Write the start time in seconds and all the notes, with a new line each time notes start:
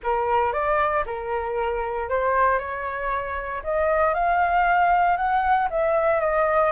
0.03 A#4
0.52 D5
1.06 A#4
2.09 C5
2.58 C#5
3.63 D#5
4.14 F5
5.16 F#5
5.70 E5
6.20 D#5